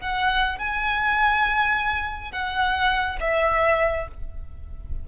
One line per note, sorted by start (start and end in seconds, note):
0.00 0.58 F#5
0.58 2.31 G#5
2.31 3.19 F#5
3.20 4.08 E5